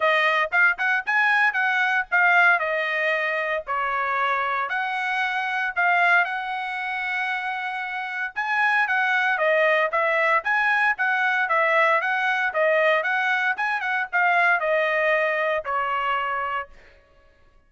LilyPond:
\new Staff \with { instrumentName = "trumpet" } { \time 4/4 \tempo 4 = 115 dis''4 f''8 fis''8 gis''4 fis''4 | f''4 dis''2 cis''4~ | cis''4 fis''2 f''4 | fis''1 |
gis''4 fis''4 dis''4 e''4 | gis''4 fis''4 e''4 fis''4 | dis''4 fis''4 gis''8 fis''8 f''4 | dis''2 cis''2 | }